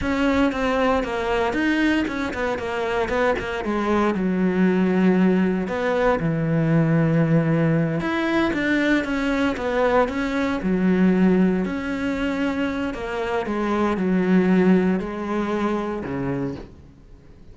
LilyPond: \new Staff \with { instrumentName = "cello" } { \time 4/4 \tempo 4 = 116 cis'4 c'4 ais4 dis'4 | cis'8 b8 ais4 b8 ais8 gis4 | fis2. b4 | e2.~ e8 e'8~ |
e'8 d'4 cis'4 b4 cis'8~ | cis'8 fis2 cis'4.~ | cis'4 ais4 gis4 fis4~ | fis4 gis2 cis4 | }